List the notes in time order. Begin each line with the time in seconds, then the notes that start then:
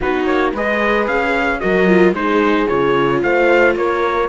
0.00 B3 D#4 F#4 B4
0.25 A#3 C#5
0.53 G#3 G#4 B4 D#5
1.07 C#4 F5
1.60 F#3 F#4 A#4 D#5
1.87 F4
2.12 G#3 D#4 G#4 C5
2.68 C#3 F4 C#5
3.22 A3 C5 F5
3.75 A#3 A#4 C#5